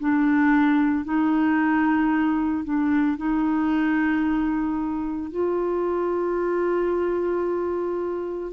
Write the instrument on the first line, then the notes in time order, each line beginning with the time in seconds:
clarinet
0.00 D4
1.05 D#4
2.64 D4
3.18 D#4
5.31 F4